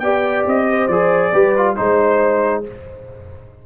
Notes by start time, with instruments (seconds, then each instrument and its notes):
0.00 tuba B3, trombone G4, horn D5, trumpet G5
0.47 tuba C4, trumpet D#5
0.70 horn C5
0.88 tuba F3, trombone G#4, trumpet D5
1.33 tuba G3, trombone G4, horn B4
1.57 trombone F4
1.76 tuba G#3, trombone D#4, trumpet C5, horn C5